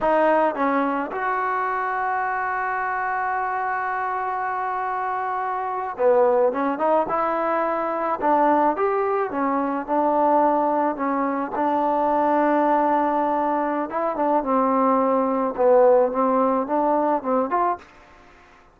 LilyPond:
\new Staff \with { instrumentName = "trombone" } { \time 4/4 \tempo 4 = 108 dis'4 cis'4 fis'2~ | fis'1~ | fis'2~ fis'8. b4 cis'16~ | cis'16 dis'8 e'2 d'4 g'16~ |
g'8. cis'4 d'2 cis'16~ | cis'8. d'2.~ d'16~ | d'4 e'8 d'8 c'2 | b4 c'4 d'4 c'8 f'8 | }